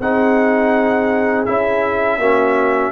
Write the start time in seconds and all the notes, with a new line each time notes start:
0.00 C4 D#4 G#4 F#5
1.46 C#4 E4 E5
2.19 A#3 C#4 F#4